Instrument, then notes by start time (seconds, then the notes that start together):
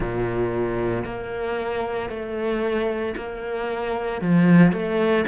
cello
0.00 A#2
1.04 A#3
2.09 A3
3.16 A#3
4.21 F3
4.72 A3